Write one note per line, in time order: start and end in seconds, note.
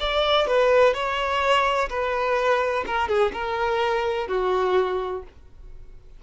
0.00 0.47 D5
0.47 0.94 B4
0.94 1.89 C#5
1.90 2.85 B4
2.87 3.09 A#4
3.09 3.32 G#4
3.33 4.28 A#4
4.28 5.23 F#4